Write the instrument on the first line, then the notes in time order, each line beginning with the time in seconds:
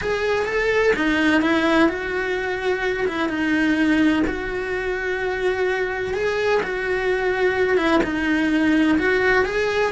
cello
0.01 G#4
0.45 A4
0.96 D#4
1.41 E4
1.88 F#4
3.07 E4
3.28 D#4
4.27 F#4
6.14 G#4
6.62 F#4
7.77 E4
8.03 D#4
8.98 F#4
9.45 G#4